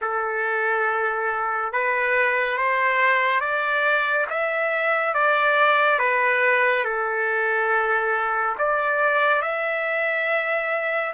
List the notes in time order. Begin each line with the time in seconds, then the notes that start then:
0.01 A4
1.72 B4
2.57 C5
3.40 D5
4.29 E5
5.14 D5
5.98 B4
6.84 A4
8.58 D5
9.41 E5